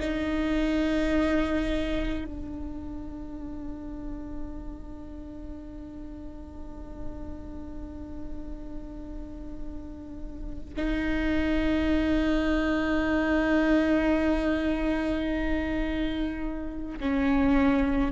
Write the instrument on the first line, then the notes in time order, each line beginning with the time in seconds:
viola
0.00 D#4
2.25 D4
10.77 D#4
17.00 C#4